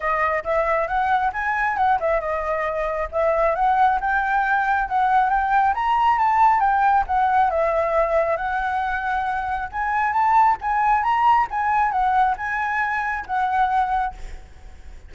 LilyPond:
\new Staff \with { instrumentName = "flute" } { \time 4/4 \tempo 4 = 136 dis''4 e''4 fis''4 gis''4 | fis''8 e''8 dis''2 e''4 | fis''4 g''2 fis''4 | g''4 ais''4 a''4 g''4 |
fis''4 e''2 fis''4~ | fis''2 gis''4 a''4 | gis''4 ais''4 gis''4 fis''4 | gis''2 fis''2 | }